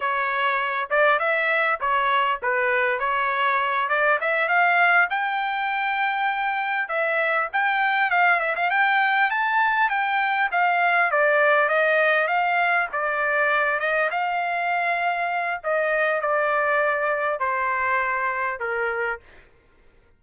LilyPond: \new Staff \with { instrumentName = "trumpet" } { \time 4/4 \tempo 4 = 100 cis''4. d''8 e''4 cis''4 | b'4 cis''4. d''8 e''8 f''8~ | f''8 g''2. e''8~ | e''8 g''4 f''8 e''16 f''16 g''4 a''8~ |
a''8 g''4 f''4 d''4 dis''8~ | dis''8 f''4 d''4. dis''8 f''8~ | f''2 dis''4 d''4~ | d''4 c''2 ais'4 | }